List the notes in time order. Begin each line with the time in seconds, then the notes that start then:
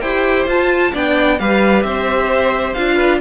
0.00 E4 G4 C5 G5
0.47 F4 A5
0.92 B3 D4 D5 G5
1.39 G3 G4 B4 F5
1.82 C4 C5 E5
2.73 D4 F4 F5
2.95 B4